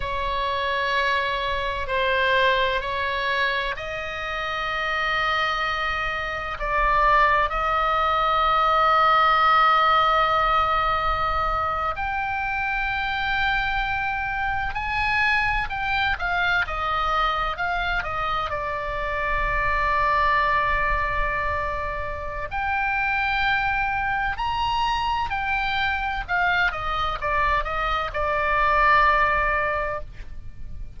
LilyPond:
\new Staff \with { instrumentName = "oboe" } { \time 4/4 \tempo 4 = 64 cis''2 c''4 cis''4 | dis''2. d''4 | dis''1~ | dis''8. g''2. gis''16~ |
gis''8. g''8 f''8 dis''4 f''8 dis''8 d''16~ | d''1 | g''2 ais''4 g''4 | f''8 dis''8 d''8 dis''8 d''2 | }